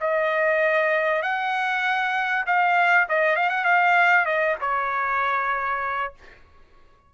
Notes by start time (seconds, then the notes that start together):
0.00 D#5
1.22 F#5
2.46 F5
3.08 D#5
3.36 F5
3.49 F#5
3.64 F5
4.25 D#5
4.60 C#5